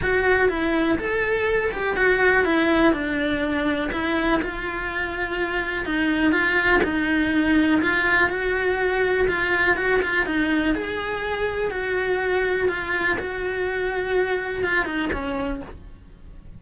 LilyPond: \new Staff \with { instrumentName = "cello" } { \time 4/4 \tempo 4 = 123 fis'4 e'4 a'4. g'8 | fis'4 e'4 d'2 | e'4 f'2. | dis'4 f'4 dis'2 |
f'4 fis'2 f'4 | fis'8 f'8 dis'4 gis'2 | fis'2 f'4 fis'4~ | fis'2 f'8 dis'8 cis'4 | }